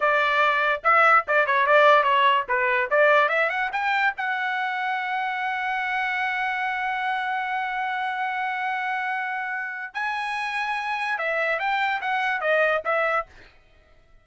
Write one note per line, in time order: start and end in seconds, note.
0.00 0.82 D5
0.83 1.25 E5
1.27 1.46 D5
1.46 1.66 C#5
1.66 2.03 D5
2.03 2.44 C#5
2.48 2.89 B4
2.90 3.29 D5
3.29 3.49 E5
3.49 3.70 F#5
3.72 4.13 G5
4.17 9.94 F#5
9.94 11.18 G#5
11.18 11.59 E5
11.59 12.00 G5
12.01 12.40 F#5
12.40 12.82 D#5
12.84 13.26 E5